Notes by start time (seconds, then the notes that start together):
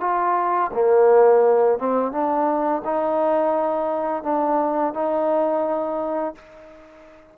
0.00 F4
0.73 A#3
1.78 C4
2.11 D4
2.84 D#4
4.23 D4
4.93 D#4